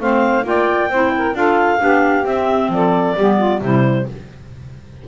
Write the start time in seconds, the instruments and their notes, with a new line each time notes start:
0.00 double bass A3, clarinet C4 F5, saxophone C5
0.44 double bass A#3, clarinet F4 G5, saxophone D5
0.89 double bass C4, clarinet E4, saxophone C5
1.17 saxophone A#4
1.34 double bass D4, clarinet F4 F5, saxophone A4
1.79 double bass B3, clarinet D4, saxophone G4
2.24 double bass C4, clarinet C4 E5
2.69 double bass F3, saxophone A4, clarinet D5
3.16 double bass G3, clarinet B3, saxophone G4
3.37 saxophone F4
3.61 double bass C3, clarinet G3 C5, saxophone E4